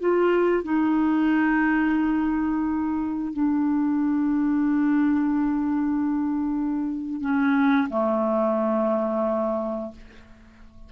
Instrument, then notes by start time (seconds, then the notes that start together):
clarinet
0.00 F4
0.64 D#4
3.33 D4
7.21 C#4
7.90 A3